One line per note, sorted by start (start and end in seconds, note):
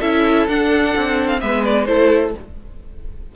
0.00 0.48 C#4
0.00 0.49 E4
0.00 1.40 A4
0.00 0.47 E5
0.48 0.95 D4
0.48 1.40 D4
0.48 1.28 F#5
0.96 1.42 C4
1.28 1.40 F5
1.40 1.88 G#3
1.40 1.87 B3
1.40 1.88 B4
1.40 1.64 E5
1.65 1.86 D5
1.86 2.34 A3
1.86 2.34 E4
1.86 2.35 A4
1.86 2.32 C5